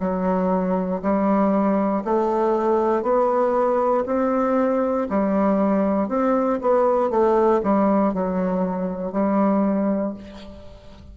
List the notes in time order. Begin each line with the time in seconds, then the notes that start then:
0.00 F#3
1.02 G3
2.05 A3
3.02 B3
4.06 C4
5.10 G3
6.09 C4
6.61 B3
7.10 A3
7.63 G3
8.14 F#3
9.12 G3